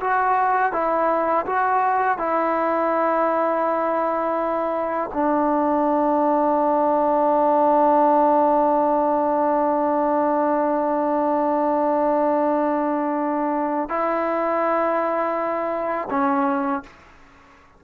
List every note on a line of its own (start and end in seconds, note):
0.00 0.72 F#4
0.72 1.45 E4
1.46 2.18 F#4
2.18 5.10 E4
5.13 13.89 D4
13.89 16.08 E4
16.10 16.83 C#4